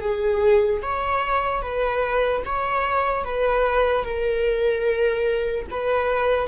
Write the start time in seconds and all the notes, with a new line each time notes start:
0.00 G#4
0.82 C#5
1.61 B4
2.45 C#5
3.24 B4
4.04 A#4
5.70 B4